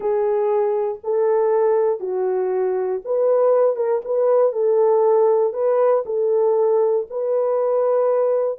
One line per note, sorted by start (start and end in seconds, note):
0.00 0.99 G#4
1.03 2.00 A4
2.00 3.01 F#4
3.04 3.76 B4
3.76 4.01 A#4
4.05 4.52 B4
4.52 5.53 A4
5.53 6.03 B4
6.05 7.06 A4
7.10 8.58 B4